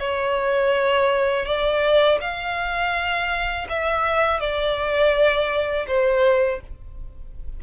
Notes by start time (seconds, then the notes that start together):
0.00 C#5
1.46 D5
2.21 F5
3.70 E5
4.41 D5
5.88 C5